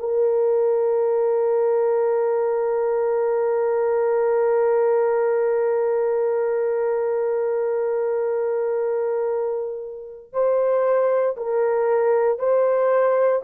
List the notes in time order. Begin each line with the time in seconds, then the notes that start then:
0.00 A#4
10.33 C5
11.37 A#4
12.39 C5